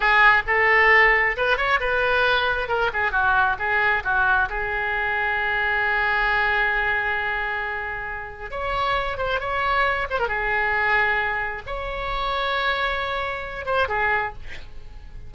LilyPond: \new Staff \with { instrumentName = "oboe" } { \time 4/4 \tempo 4 = 134 gis'4 a'2 b'8 cis''8 | b'2 ais'8 gis'8 fis'4 | gis'4 fis'4 gis'2~ | gis'1~ |
gis'2. cis''4~ | cis''8 c''8 cis''4. c''16 ais'16 gis'4~ | gis'2 cis''2~ | cis''2~ cis''8 c''8 gis'4 | }